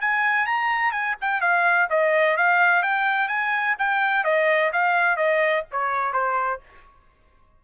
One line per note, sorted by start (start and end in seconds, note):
0.00 0.46 G#5
0.46 0.91 A#5
0.91 1.15 G#5
1.21 1.41 G5
1.41 1.88 F5
1.90 2.37 D#5
2.37 2.82 F5
2.82 3.28 G5
3.28 3.75 G#5
3.78 4.24 G5
4.24 4.71 D#5
4.72 5.16 F5
5.16 5.63 D#5
5.71 6.12 C#5
6.12 6.60 C5